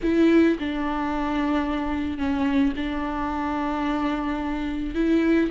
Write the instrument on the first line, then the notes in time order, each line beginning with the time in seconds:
viola
0.03 E4
0.59 D4
2.18 C#4
2.76 D4
4.94 E4